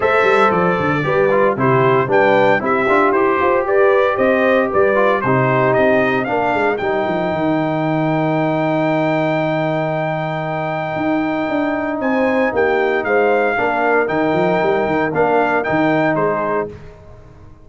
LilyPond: <<
  \new Staff \with { instrumentName = "trumpet" } { \time 4/4 \tempo 4 = 115 e''4 d''2 c''4 | g''4 e''4 c''4 d''4 | dis''4 d''4 c''4 dis''4 | f''4 g''2.~ |
g''1~ | g''2. gis''4 | g''4 f''2 g''4~ | g''4 f''4 g''4 c''4 | }
  \new Staff \with { instrumentName = "horn" } { \time 4/4 c''2 b'4 g'4 | b'4 g'4. c''8 b'4 | c''4 b'4 g'2 | ais'1~ |
ais'1~ | ais'2. c''4 | g'4 c''4 ais'2~ | ais'2. gis'4 | }
  \new Staff \with { instrumentName = "trombone" } { \time 4/4 a'2 g'8 f'8 e'4 | d'4 e'8 f'8 g'2~ | g'4. f'8 dis'2 | d'4 dis'2.~ |
dis'1~ | dis'1~ | dis'2 d'4 dis'4~ | dis'4 d'4 dis'2 | }
  \new Staff \with { instrumentName = "tuba" } { \time 4/4 a8 g8 f8 d8 g4 c4 | g4 c'8 d'8 e'8 f'8 g'4 | c'4 g4 c4 c'4 | ais8 gis8 g8 f8 dis2~ |
dis1~ | dis4 dis'4 d'4 c'4 | ais4 gis4 ais4 dis8 f8 | g8 dis8 ais4 dis4 gis4 | }
>>